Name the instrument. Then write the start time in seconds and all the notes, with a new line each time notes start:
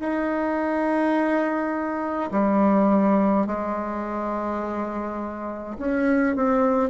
bassoon
0.00 D#4
2.32 G3
3.47 G#3
5.78 C#4
6.36 C4